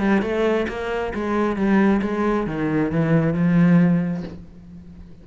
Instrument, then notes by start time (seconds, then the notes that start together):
cello
0.00 G3
0.22 A3
0.68 A#3
1.15 G#3
1.57 G3
2.02 G#3
2.47 D#3
2.92 E3
3.34 F3